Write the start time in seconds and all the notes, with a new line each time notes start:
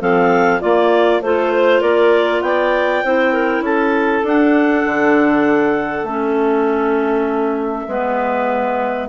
0.00 F3 C4 A4 F5
0.60 A#3 F4 D5
1.21 A3 F4 A4 C5
1.52 C5
1.81 A#3 A#4 D5
2.41 B3 D5 G5
3.04 C4 E4 C5
3.33 A#4
3.61 C#4 A4 A5
4.23 D4 F#5
4.85 D3
6.03 A3 C#4 E5
7.88 G#3 B3 B4